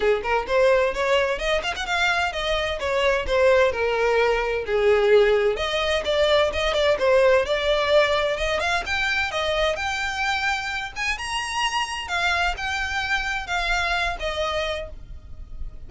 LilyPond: \new Staff \with { instrumentName = "violin" } { \time 4/4 \tempo 4 = 129 gis'8 ais'8 c''4 cis''4 dis''8 f''16 fis''16 | f''4 dis''4 cis''4 c''4 | ais'2 gis'2 | dis''4 d''4 dis''8 d''8 c''4 |
d''2 dis''8 f''8 g''4 | dis''4 g''2~ g''8 gis''8 | ais''2 f''4 g''4~ | g''4 f''4. dis''4. | }